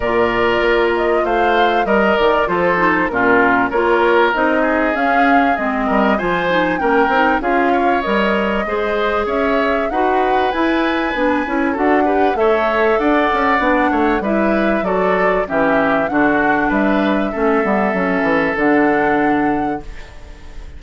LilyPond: <<
  \new Staff \with { instrumentName = "flute" } { \time 4/4 \tempo 4 = 97 d''4. dis''8 f''4 dis''8 d''8 | c''4 ais'4 cis''4 dis''4 | f''4 dis''4 gis''4 g''4 | f''4 dis''2 e''4 |
fis''4 gis''2 fis''4 | e''4 fis''2 e''4 | d''4 e''4 fis''4 e''4~ | e''2 fis''2 | }
  \new Staff \with { instrumentName = "oboe" } { \time 4/4 ais'2 c''4 ais'4 | a'4 f'4 ais'4. gis'8~ | gis'4. ais'8 c''4 ais'4 | gis'8 cis''4. c''4 cis''4 |
b'2. a'8 b'8 | cis''4 d''4. cis''8 b'4 | a'4 g'4 fis'4 b'4 | a'1 | }
  \new Staff \with { instrumentName = "clarinet" } { \time 4/4 f'2. ais'4 | f'8 dis'8 cis'4 f'4 dis'4 | cis'4 c'4 f'8 dis'8 cis'8 dis'8 | f'4 ais'4 gis'2 |
fis'4 e'4 d'8 e'8 fis'8 g'8 | a'2 d'4 e'4 | fis'4 cis'4 d'2 | cis'8 b8 cis'4 d'2 | }
  \new Staff \with { instrumentName = "bassoon" } { \time 4/4 ais,4 ais4 a4 g8 dis8 | f4 ais,4 ais4 c'4 | cis'4 gis8 g8 f4 ais8 c'8 | cis'4 g4 gis4 cis'4 |
dis'4 e'4 b8 cis'8 d'4 | a4 d'8 cis'8 b8 a8 g4 | fis4 e4 d4 g4 | a8 g8 fis8 e8 d2 | }
>>